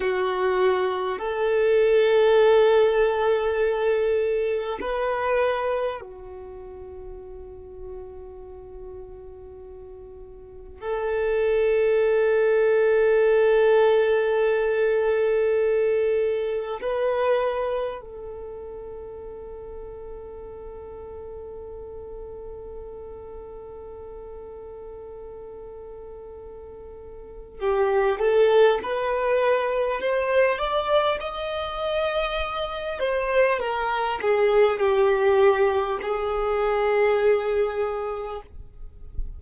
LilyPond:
\new Staff \with { instrumentName = "violin" } { \time 4/4 \tempo 4 = 50 fis'4 a'2. | b'4 fis'2.~ | fis'4 a'2.~ | a'2 b'4 a'4~ |
a'1~ | a'2. g'8 a'8 | b'4 c''8 d''8 dis''4. c''8 | ais'8 gis'8 g'4 gis'2 | }